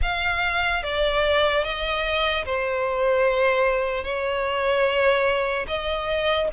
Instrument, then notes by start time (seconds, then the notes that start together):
violin
0.02 F5
0.83 D5
1.64 D#5
2.45 C5
4.04 C#5
5.67 D#5